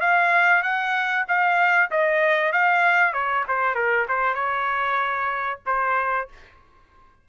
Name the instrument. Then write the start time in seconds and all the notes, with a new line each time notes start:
trumpet
0.00 F5
0.62 F#5
1.28 F5
1.91 D#5
2.52 F5
3.13 C#5
3.48 C5
3.75 A#4
4.08 C5
4.34 C#5
5.66 C5